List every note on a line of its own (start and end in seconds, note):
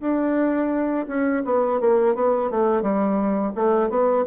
0.00 1.06 D4
1.07 1.43 C#4
1.45 1.80 B3
1.80 2.15 A#3
2.15 2.50 B3
2.50 2.82 A3
2.82 3.53 G3
3.55 3.89 A3
3.89 4.24 B3